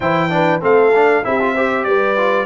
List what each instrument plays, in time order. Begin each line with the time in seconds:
0.00 tuba E3, trombone E4, horn C5, trumpet G5
0.29 trombone D4, horn B4
0.60 tuba A3, trombone C4, horn A4, trumpet F5
0.95 trombone D4
1.24 tuba C4, trombone E4, horn G4, trumpet E5
1.39 trombone F4
1.54 trombone G4, horn C5
1.84 tuba G3, horn B4, trumpet D5
2.17 trombone F4